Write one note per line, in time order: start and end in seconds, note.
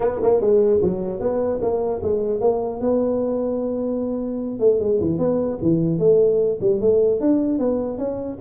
0.00 0.20 B3
0.22 0.40 A#3
0.40 0.80 G#3
0.82 1.20 F#3
1.20 1.60 B3
1.61 2.01 A#3
2.02 2.40 G#3
2.40 2.80 A#3
2.80 4.59 B3
4.59 4.79 A3
4.79 4.99 G#3
5.00 5.18 E3
5.18 5.58 B3
5.62 5.98 E3
5.98 6.58 A3
6.60 6.80 G3
6.81 7.20 A3
7.20 7.59 D4
7.59 7.97 B3
7.97 8.37 C#4